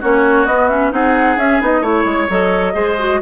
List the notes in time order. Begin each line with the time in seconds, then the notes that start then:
0.00 A#3 C#4 F#4 C#5
0.46 B3 D#5
0.69 C#4 E5
0.91 C4 D#4 G#4 F#5
1.37 C#4 E5
1.61 B3 D#4 D#5
1.81 A3 E4 C#5
2.05 G#3
2.29 F#3 A4 D#5
2.74 G#3 G#4 C5
2.99 F#4